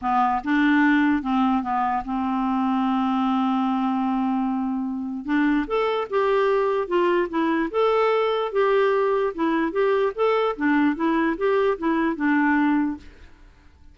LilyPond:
\new Staff \with { instrumentName = "clarinet" } { \time 4/4 \tempo 4 = 148 b4 d'2 c'4 | b4 c'2.~ | c'1~ | c'4 d'4 a'4 g'4~ |
g'4 f'4 e'4 a'4~ | a'4 g'2 e'4 | g'4 a'4 d'4 e'4 | g'4 e'4 d'2 | }